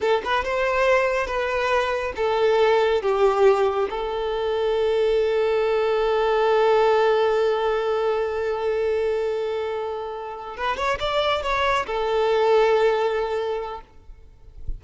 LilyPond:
\new Staff \with { instrumentName = "violin" } { \time 4/4 \tempo 4 = 139 a'8 b'8 c''2 b'4~ | b'4 a'2 g'4~ | g'4 a'2.~ | a'1~ |
a'1~ | a'1~ | a'8 b'8 cis''8 d''4 cis''4 a'8~ | a'1 | }